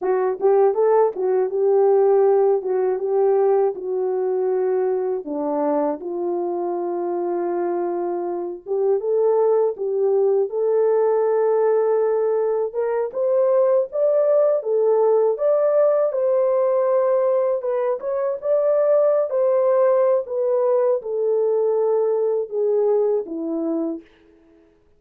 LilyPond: \new Staff \with { instrumentName = "horn" } { \time 4/4 \tempo 4 = 80 fis'8 g'8 a'8 fis'8 g'4. fis'8 | g'4 fis'2 d'4 | f'2.~ f'8 g'8 | a'4 g'4 a'2~ |
a'4 ais'8 c''4 d''4 a'8~ | a'8 d''4 c''2 b'8 | cis''8 d''4~ d''16 c''4~ c''16 b'4 | a'2 gis'4 e'4 | }